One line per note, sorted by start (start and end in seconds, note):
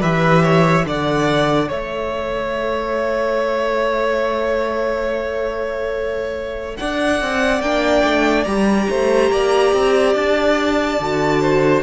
0.00 0.85 E3
0.00 0.85 G4
0.00 0.42 B4
0.00 0.86 E5
0.43 0.85 C#5
0.85 1.70 D3
0.85 7.61 A4
0.85 1.68 D5
0.85 1.71 F#5
1.68 6.77 A3
1.68 6.75 C#5
1.68 6.77 E5
6.77 7.21 D4
6.77 8.89 D5
6.77 7.61 F#5
7.21 7.61 C4
7.61 8.03 A#3
7.61 8.45 D4
7.61 8.43 G5
8.03 8.45 A3
8.43 8.88 G3
8.43 10.99 G4
8.43 10.12 A#5
8.89 9.30 A3
8.89 9.31 C5
9.30 9.73 A#3
9.30 11.41 D5
9.73 10.14 C4
10.14 10.99 D4
10.14 11.83 A5
10.99 11.83 D3
10.99 11.83 F#4
11.41 11.83 C5